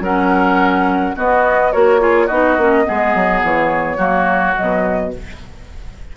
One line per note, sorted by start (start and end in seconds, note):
0.00 1.13 F#3
0.00 1.15 C#4
0.00 1.16 A#4
0.00 1.16 F#5
1.15 1.72 B3
1.15 1.74 B3
1.15 1.71 F#4
1.15 1.72 D#5
1.71 2.30 A#3
1.71 2.00 F#4
1.71 2.00 A#4
1.71 2.27 C#5
2.00 2.28 F4
2.00 2.26 G#4
2.26 2.57 B3
2.26 2.58 D#4
2.26 2.83 F#4
2.26 3.40 D#5
2.57 2.85 A#3
2.57 2.84 C#4
2.84 3.14 G#3
2.84 3.97 B3
2.84 3.97 G#4
3.14 3.42 F#3
3.42 3.97 E3
3.42 4.56 C#5
3.97 4.54 F#3
3.97 4.54 A#3
3.97 5.10 F#4
4.55 5.16 B2
4.55 5.12 F#3
4.55 5.12 D#5